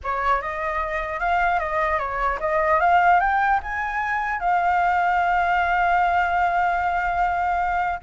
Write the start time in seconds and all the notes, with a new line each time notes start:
0.03 C#5
0.41 D#5
1.19 F5
1.59 D#5
1.99 C#5
2.39 D#5
2.79 F5
3.20 G5
3.63 G#5
4.39 F5